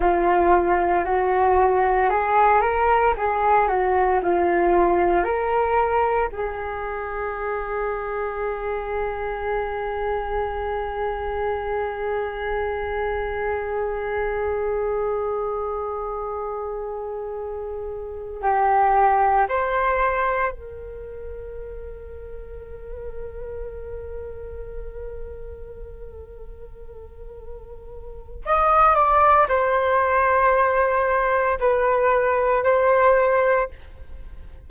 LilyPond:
\new Staff \with { instrumentName = "flute" } { \time 4/4 \tempo 4 = 57 f'4 fis'4 gis'8 ais'8 gis'8 fis'8 | f'4 ais'4 gis'2~ | gis'1~ | gis'1~ |
gis'4. g'4 c''4 ais'8~ | ais'1~ | ais'2. dis''8 d''8 | c''2 b'4 c''4 | }